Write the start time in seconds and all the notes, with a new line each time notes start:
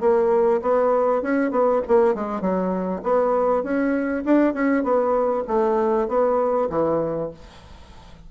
0.00 A#3
0.61 B3
1.22 C#4
1.51 B3
1.88 A#3
2.14 G#3
2.41 F#3
3.03 B3
3.63 C#4
4.25 D4
4.53 C#4
4.83 B3
5.47 A3
6.08 B3
6.70 E3